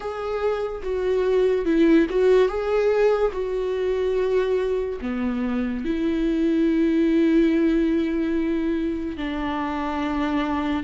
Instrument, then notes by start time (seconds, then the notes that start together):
viola
0.00 G#4
0.83 F#4
1.65 E4
2.09 F#4
2.48 G#4
3.32 F#4
5.01 B3
5.84 E4
9.17 D4